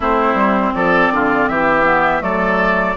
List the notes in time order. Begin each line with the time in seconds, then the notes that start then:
0.00 A3 C4 E4 C5
0.34 G3
0.74 F3 A4 D5
1.10 D3 F4
1.48 E3 G4 E5
1.84 B3
2.20 F#3 A3 A4 D5